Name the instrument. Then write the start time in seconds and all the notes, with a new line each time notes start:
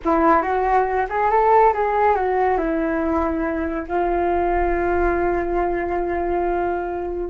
flute
0.04 E4
0.41 F#4
1.09 G#4
1.30 A4
1.73 G#4
2.15 F#4
2.57 E4
3.87 F4